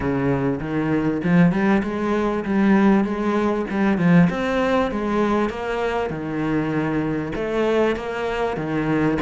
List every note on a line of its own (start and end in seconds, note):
0.00 0.59 C#3
0.60 1.21 D#3
1.23 1.51 F3
1.51 1.82 G3
1.83 2.44 G#3
2.45 3.04 G3
3.04 3.65 G#3
3.70 3.98 G3
3.98 4.28 F3
4.30 4.91 C4
4.91 5.49 G#3
5.49 6.10 A#3
6.10 7.32 D#3
7.35 7.96 A3
7.96 8.56 A#3
8.56 9.18 D#3